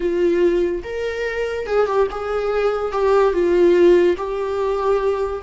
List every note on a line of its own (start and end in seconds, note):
0.00 0.82 F4
0.83 1.66 A#4
1.66 1.86 G#4
1.86 2.07 G4
2.11 2.91 G#4
2.91 3.33 G4
3.33 4.16 F4
4.17 5.42 G4